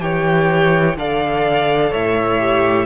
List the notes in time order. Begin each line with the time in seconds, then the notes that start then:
0.00 E3 G4 C#5 G5
0.96 D3 A4 D5 F5
1.91 A2 C#5 E5
2.39 G4